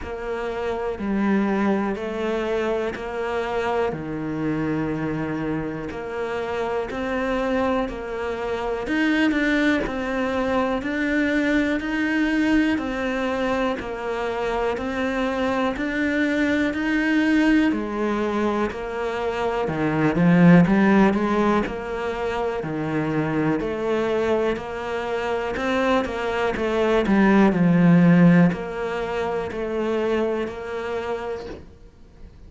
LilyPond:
\new Staff \with { instrumentName = "cello" } { \time 4/4 \tempo 4 = 61 ais4 g4 a4 ais4 | dis2 ais4 c'4 | ais4 dis'8 d'8 c'4 d'4 | dis'4 c'4 ais4 c'4 |
d'4 dis'4 gis4 ais4 | dis8 f8 g8 gis8 ais4 dis4 | a4 ais4 c'8 ais8 a8 g8 | f4 ais4 a4 ais4 | }